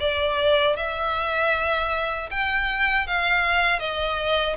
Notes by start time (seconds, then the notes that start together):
0.00 D5
0.77 E5
2.31 G5
3.08 F5
3.80 D#5